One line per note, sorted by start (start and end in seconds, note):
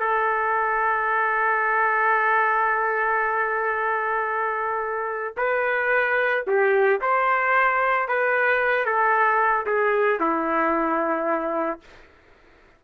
0.00 5.36 A4
5.37 6.44 B4
6.47 7.01 G4
7.01 8.08 C5
8.08 8.86 B4
8.86 9.66 A4
9.66 10.20 G#4
10.20 11.81 E4